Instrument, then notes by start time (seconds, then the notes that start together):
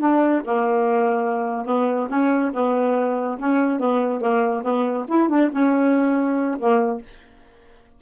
saxophone
0.00 D4
0.45 A#3
1.66 B3
2.10 C#4
2.54 B3
3.39 C#4
3.80 B3
4.21 A#3
4.64 B3
5.09 E4
5.29 D4
5.52 C#4
6.60 A#3